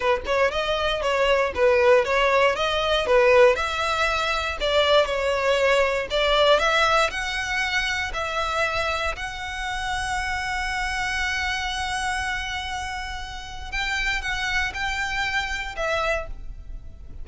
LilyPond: \new Staff \with { instrumentName = "violin" } { \time 4/4 \tempo 4 = 118 b'8 cis''8 dis''4 cis''4 b'4 | cis''4 dis''4 b'4 e''4~ | e''4 d''4 cis''2 | d''4 e''4 fis''2 |
e''2 fis''2~ | fis''1~ | fis''2. g''4 | fis''4 g''2 e''4 | }